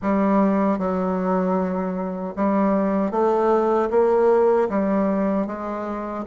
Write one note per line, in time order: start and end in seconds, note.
0.01 0.78 G3
0.78 2.34 F#3
2.36 3.11 G3
3.11 3.89 A3
3.90 4.68 A#3
4.69 5.47 G3
5.47 6.24 G#3